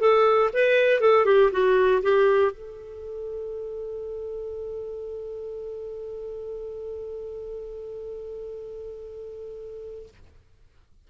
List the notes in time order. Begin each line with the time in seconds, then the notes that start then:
0.00 A4
0.54 B4
1.01 A4
1.25 G4
1.52 F#4
2.03 G4
2.52 A4